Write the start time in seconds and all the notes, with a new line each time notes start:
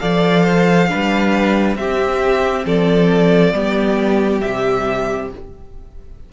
0.00 F3 A4 D5 F5
0.44 C5
0.89 G3 D4 B4
1.76 C4 G4 E5
2.66 F3 A4 D5
3.53 G3 B3 G4
4.41 C3 G3 E5